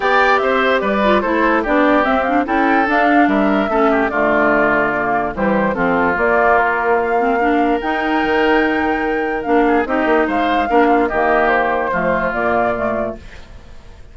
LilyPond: <<
  \new Staff \with { instrumentName = "flute" } { \time 4/4 \tempo 4 = 146 g''4 e''4 d''4 c''4 | d''4 e''8 f''8 g''4 f''4 | e''2 d''2~ | d''4 c''4 a'4 d''4 |
ais'4 f''2 g''4~ | g''2. f''4 | dis''4 f''2 dis''4 | c''2 d''2 | }
  \new Staff \with { instrumentName = "oboe" } { \time 4/4 d''4 c''4 b'4 a'4 | g'2 a'2 | ais'4 a'8 g'8 f'2~ | f'4 g'4 f'2~ |
f'2 ais'2~ | ais'2.~ ais'8 gis'8 | g'4 c''4 ais'8 f'8 g'4~ | g'4 f'2. | }
  \new Staff \with { instrumentName = "clarinet" } { \time 4/4 g'2~ g'8 f'8 e'4 | d'4 c'8 d'8 e'4 d'4~ | d'4 cis'4 a2 | ais4 g4 c'4 ais4~ |
ais4. c'8 d'4 dis'4~ | dis'2. d'4 | dis'2 d'4 ais4~ | ais4 a4 ais4 a4 | }
  \new Staff \with { instrumentName = "bassoon" } { \time 4/4 b4 c'4 g4 a4 | b4 c'4 cis'4 d'4 | g4 a4 d2~ | d4 e4 f4 ais4~ |
ais2. dis'4 | dis2. ais4 | c'8 ais8 gis4 ais4 dis4~ | dis4 f4 ais,2 | }
>>